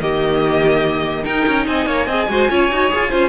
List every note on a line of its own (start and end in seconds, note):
0.00 1.24 D#3
0.00 1.24 A#3
0.00 1.24 G4
0.00 1.25 D#5
1.24 2.07 D#4
1.24 1.46 D#4
1.24 1.66 A#4
1.24 1.66 G5
1.47 1.67 C#4
1.67 1.85 C4
1.67 1.86 D#5
1.67 3.29 G#5
1.85 2.06 A#3
1.85 2.07 C#5
2.06 2.27 C4
2.06 2.29 G#4
2.06 2.27 D#5
2.28 2.49 G#3
2.28 2.49 F#4
2.28 2.50 C5
2.49 2.71 C#4
2.49 2.70 F4
2.49 3.09 C#5
2.71 2.91 D#4
2.71 2.89 F#4
2.89 3.12 F4
2.89 3.10 G#4
3.09 3.29 C#4
3.09 3.29 F4
3.09 3.29 C5